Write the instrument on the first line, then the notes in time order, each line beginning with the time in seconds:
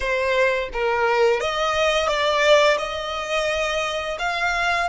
violin
0.00 C5
0.73 A#4
1.40 D#5
2.07 D5
2.77 D#5
4.19 F5